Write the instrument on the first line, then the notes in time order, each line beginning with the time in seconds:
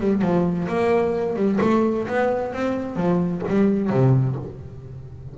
double bass
0.00 G3
0.22 F3
0.68 A#3
1.36 G3
1.61 A3
2.07 B3
2.53 C4
2.96 F3
3.48 G3
3.90 C3